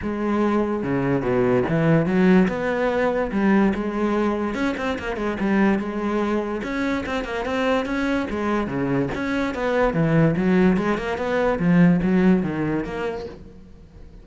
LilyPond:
\new Staff \with { instrumentName = "cello" } { \time 4/4 \tempo 4 = 145 gis2 cis4 b,4 | e4 fis4 b2 | g4 gis2 cis'8 c'8 | ais8 gis8 g4 gis2 |
cis'4 c'8 ais8 c'4 cis'4 | gis4 cis4 cis'4 b4 | e4 fis4 gis8 ais8 b4 | f4 fis4 dis4 ais4 | }